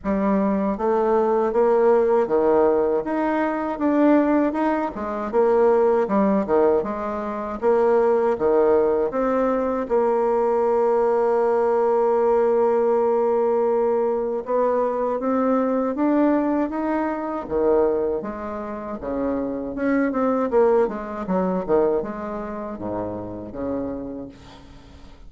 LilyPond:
\new Staff \with { instrumentName = "bassoon" } { \time 4/4 \tempo 4 = 79 g4 a4 ais4 dis4 | dis'4 d'4 dis'8 gis8 ais4 | g8 dis8 gis4 ais4 dis4 | c'4 ais2.~ |
ais2. b4 | c'4 d'4 dis'4 dis4 | gis4 cis4 cis'8 c'8 ais8 gis8 | fis8 dis8 gis4 gis,4 cis4 | }